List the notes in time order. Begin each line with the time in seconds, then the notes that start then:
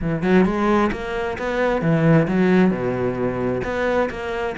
0.01 E3
0.22 F#3
0.45 G#3
0.92 A#3
1.38 B3
1.81 E3
2.27 F#3
2.70 B2
3.63 B3
4.10 A#3